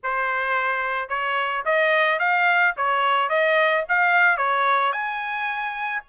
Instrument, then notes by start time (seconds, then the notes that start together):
trumpet
0.03 C5
1.08 C#5
1.65 D#5
2.19 F5
2.76 C#5
3.29 D#5
3.88 F5
4.37 C#5
4.92 G#5